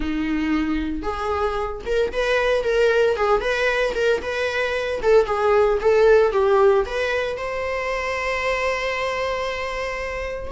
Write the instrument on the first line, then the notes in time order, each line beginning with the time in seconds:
viola
0.00 D#4
1.02 G#4
1.85 A#4
2.12 B4
2.63 A#4
3.16 G#4
3.40 B4
3.94 A#4
4.22 B4
5.02 A4
5.25 G#4
5.81 A4
6.32 G4
6.85 B4
7.37 C5